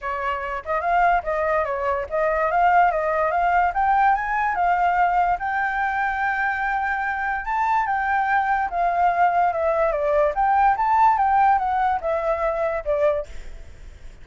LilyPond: \new Staff \with { instrumentName = "flute" } { \time 4/4 \tempo 4 = 145 cis''4. dis''8 f''4 dis''4 | cis''4 dis''4 f''4 dis''4 | f''4 g''4 gis''4 f''4~ | f''4 g''2.~ |
g''2 a''4 g''4~ | g''4 f''2 e''4 | d''4 g''4 a''4 g''4 | fis''4 e''2 d''4 | }